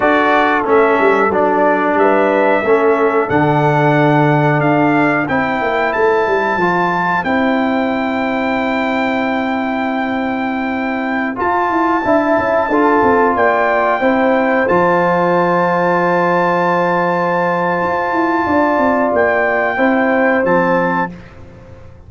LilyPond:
<<
  \new Staff \with { instrumentName = "trumpet" } { \time 4/4 \tempo 4 = 91 d''4 e''4 d''4 e''4~ | e''4 fis''2 f''4 | g''4 a''2 g''4~ | g''1~ |
g''4~ g''16 a''2~ a''8.~ | a''16 g''2 a''4.~ a''16~ | a''1~ | a''4 g''2 a''4 | }
  \new Staff \with { instrumentName = "horn" } { \time 4/4 a'2. b'4 | a'1 | c''1~ | c''1~ |
c''2~ c''16 e''4 a'8.~ | a'16 d''4 c''2~ c''8.~ | c''1 | d''2 c''2 | }
  \new Staff \with { instrumentName = "trombone" } { \time 4/4 fis'4 cis'4 d'2 | cis'4 d'2. | e'2 f'4 e'4~ | e'1~ |
e'4~ e'16 f'4 e'4 f'8.~ | f'4~ f'16 e'4 f'4.~ f'16~ | f'1~ | f'2 e'4 c'4 | }
  \new Staff \with { instrumentName = "tuba" } { \time 4/4 d'4 a8 g8 fis4 g4 | a4 d2 d'4 | c'8 ais8 a8 g8 f4 c'4~ | c'1~ |
c'4~ c'16 f'8 e'8 d'8 cis'8 d'8 c'16~ | c'16 ais4 c'4 f4.~ f16~ | f2. f'8 e'8 | d'8 c'8 ais4 c'4 f4 | }
>>